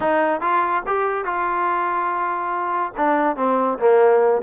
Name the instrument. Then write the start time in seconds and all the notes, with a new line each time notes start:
trombone
0.00 D#4
0.41 F4
0.86 G4
1.24 F4
2.97 D4
3.36 C4
3.79 A#3